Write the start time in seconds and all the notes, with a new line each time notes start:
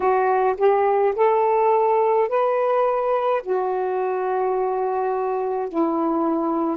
0.00 F#4
0.57 G4
1.15 A4
2.28 B4
3.43 F#4
5.69 E4